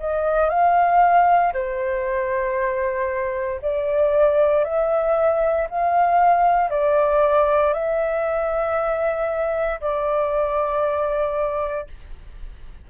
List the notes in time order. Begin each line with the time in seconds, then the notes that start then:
0.00 D#5
0.50 F5
1.54 C5
3.62 D5
4.65 E5
5.70 F5
6.71 D5
7.74 E5
9.81 D5